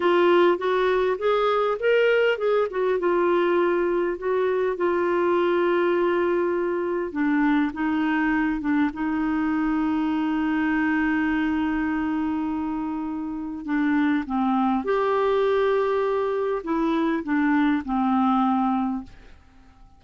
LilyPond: \new Staff \with { instrumentName = "clarinet" } { \time 4/4 \tempo 4 = 101 f'4 fis'4 gis'4 ais'4 | gis'8 fis'8 f'2 fis'4 | f'1 | d'4 dis'4. d'8 dis'4~ |
dis'1~ | dis'2. d'4 | c'4 g'2. | e'4 d'4 c'2 | }